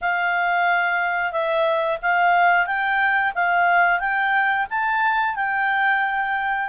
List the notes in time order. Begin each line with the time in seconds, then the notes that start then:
0.01 F5
1.32 E5
2.02 F5
2.66 G5
3.35 F5
3.99 G5
4.69 A5
5.35 G5